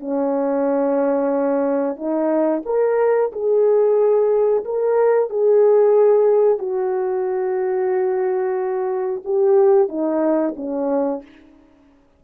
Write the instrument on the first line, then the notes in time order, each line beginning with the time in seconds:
horn
0.00 C#4
1.96 D#4
2.66 A#4
3.32 G#4
4.65 A#4
5.30 G#4
6.58 F#4
9.24 G4
9.88 D#4
10.56 C#4